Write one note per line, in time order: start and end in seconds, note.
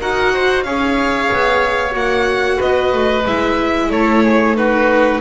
0.00 0.65 D#4
0.00 0.66 F#4
0.00 0.33 A#4
0.00 0.63 F#5
0.33 0.64 C5
0.63 1.30 C#4
0.63 1.91 G#4
0.63 2.57 C#5
0.63 1.93 F5
1.32 1.93 B3
1.91 2.58 A#3
1.91 3.21 F#4
1.91 2.61 F#5
2.57 2.93 B3
2.57 3.87 B4
2.57 3.26 D#5
2.93 3.25 A3
3.26 3.89 G#3
3.26 4.55 E4
3.26 3.90 E5
3.89 5.20 A3
3.89 4.24 A4
3.89 4.56 C#5
4.24 4.56 G#4
4.55 5.21 D#4
4.55 5.21 F#4
4.55 5.21 B4